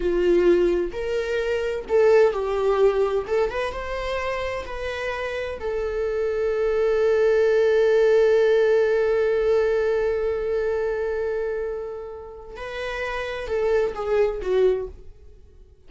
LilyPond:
\new Staff \with { instrumentName = "viola" } { \time 4/4 \tempo 4 = 129 f'2 ais'2 | a'4 g'2 a'8 b'8 | c''2 b'2 | a'1~ |
a'1~ | a'1~ | a'2. b'4~ | b'4 a'4 gis'4 fis'4 | }